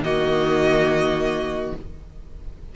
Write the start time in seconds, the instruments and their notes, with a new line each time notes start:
0.00 cello D#3, viola A#3, violin F#4 D#5